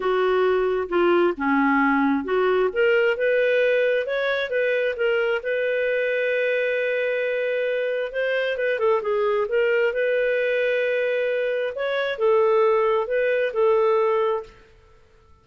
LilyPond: \new Staff \with { instrumentName = "clarinet" } { \time 4/4 \tempo 4 = 133 fis'2 f'4 cis'4~ | cis'4 fis'4 ais'4 b'4~ | b'4 cis''4 b'4 ais'4 | b'1~ |
b'2 c''4 b'8 a'8 | gis'4 ais'4 b'2~ | b'2 cis''4 a'4~ | a'4 b'4 a'2 | }